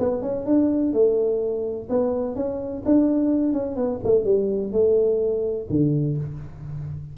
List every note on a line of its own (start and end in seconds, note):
0.00 0.23 B3
0.23 0.46 C#4
0.47 0.94 D4
0.94 1.89 A3
1.90 2.36 B3
2.36 2.84 C#4
2.86 3.53 D4
3.53 3.76 C#4
3.76 4.00 B3
4.05 4.25 A3
4.25 4.73 G3
4.73 5.68 A3
5.70 6.18 D3